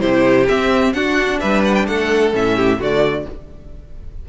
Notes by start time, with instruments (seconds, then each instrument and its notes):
0.00 cello C3, viola E4, violin G4 C5
0.48 cello C4, viola C4, violin E5
0.93 cello D4, viola D4, violin F#4 F#5
1.40 cello G3, violin B4 E5
1.65 violin F#5
1.75 violin G5
1.87 cello A3, violin A4 F#5
2.32 cello A2, viola C#4, violin E5
2.56 violin G4
2.79 cello D3, viola A3, violin F#4 D5